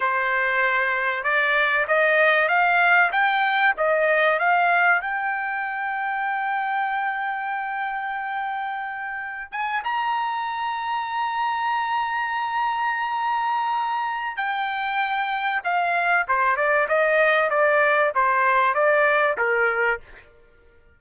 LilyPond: \new Staff \with { instrumentName = "trumpet" } { \time 4/4 \tempo 4 = 96 c''2 d''4 dis''4 | f''4 g''4 dis''4 f''4 | g''1~ | g''2.~ g''16 gis''8 ais''16~ |
ais''1~ | ais''2. g''4~ | g''4 f''4 c''8 d''8 dis''4 | d''4 c''4 d''4 ais'4 | }